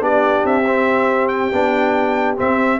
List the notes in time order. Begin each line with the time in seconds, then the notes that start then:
0.00 B3 D4 G4 D5
0.44 C4 E5
0.66 C4
1.28 G5
1.52 B3 D4
2.37 C4 E5